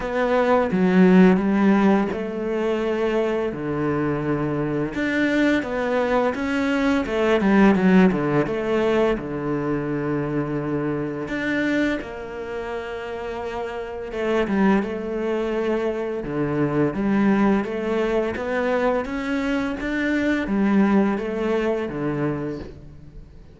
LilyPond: \new Staff \with { instrumentName = "cello" } { \time 4/4 \tempo 4 = 85 b4 fis4 g4 a4~ | a4 d2 d'4 | b4 cis'4 a8 g8 fis8 d8 | a4 d2. |
d'4 ais2. | a8 g8 a2 d4 | g4 a4 b4 cis'4 | d'4 g4 a4 d4 | }